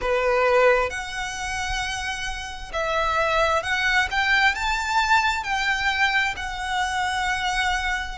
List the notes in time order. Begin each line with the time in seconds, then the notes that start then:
0.01 B4
0.90 F#5
2.72 E5
3.62 F#5
4.10 G5
4.55 A5
5.43 G5
6.36 F#5